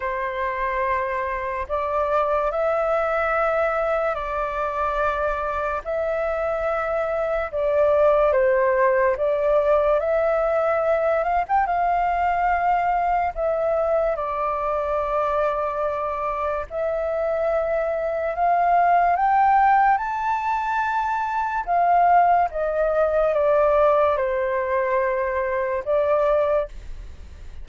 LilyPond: \new Staff \with { instrumentName = "flute" } { \time 4/4 \tempo 4 = 72 c''2 d''4 e''4~ | e''4 d''2 e''4~ | e''4 d''4 c''4 d''4 | e''4. f''16 g''16 f''2 |
e''4 d''2. | e''2 f''4 g''4 | a''2 f''4 dis''4 | d''4 c''2 d''4 | }